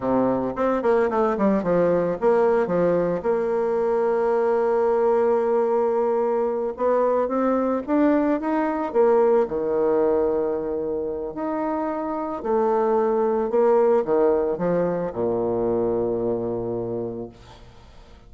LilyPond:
\new Staff \with { instrumentName = "bassoon" } { \time 4/4 \tempo 4 = 111 c4 c'8 ais8 a8 g8 f4 | ais4 f4 ais2~ | ais1~ | ais8 b4 c'4 d'4 dis'8~ |
dis'8 ais4 dis2~ dis8~ | dis4 dis'2 a4~ | a4 ais4 dis4 f4 | ais,1 | }